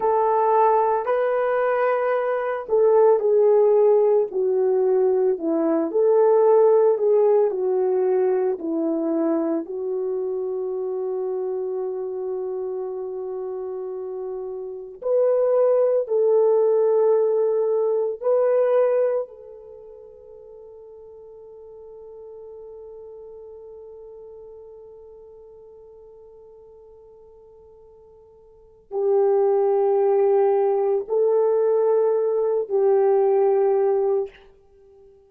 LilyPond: \new Staff \with { instrumentName = "horn" } { \time 4/4 \tempo 4 = 56 a'4 b'4. a'8 gis'4 | fis'4 e'8 a'4 gis'8 fis'4 | e'4 fis'2.~ | fis'2 b'4 a'4~ |
a'4 b'4 a'2~ | a'1~ | a'2. g'4~ | g'4 a'4. g'4. | }